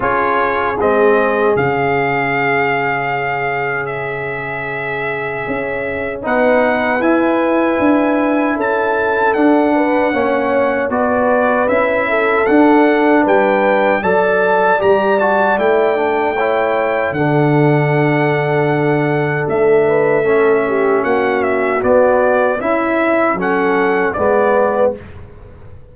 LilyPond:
<<
  \new Staff \with { instrumentName = "trumpet" } { \time 4/4 \tempo 4 = 77 cis''4 dis''4 f''2~ | f''4 e''2. | fis''4 gis''2 a''4 | fis''2 d''4 e''4 |
fis''4 g''4 a''4 ais''8 a''8 | g''2 fis''2~ | fis''4 e''2 fis''8 e''8 | d''4 e''4 fis''4 d''4 | }
  \new Staff \with { instrumentName = "horn" } { \time 4/4 gis'1~ | gis'1 | b'2. a'4~ | a'8 b'8 cis''4 b'4. a'8~ |
a'4 b'4 d''2~ | d''4 cis''4 a'2~ | a'4. b'8 a'8 g'8 fis'4~ | fis'4 e'4 a'4 b'4 | }
  \new Staff \with { instrumentName = "trombone" } { \time 4/4 f'4 c'4 cis'2~ | cis'1 | dis'4 e'2. | d'4 cis'4 fis'4 e'4 |
d'2 a'4 g'8 fis'8 | e'8 d'8 e'4 d'2~ | d'2 cis'2 | b4 e'4 cis'4 b4 | }
  \new Staff \with { instrumentName = "tuba" } { \time 4/4 cis'4 gis4 cis2~ | cis2. cis'4 | b4 e'4 d'4 cis'4 | d'4 ais4 b4 cis'4 |
d'4 g4 fis4 g4 | a2 d2~ | d4 a2 ais4 | b4 cis'4 fis4 gis4 | }
>>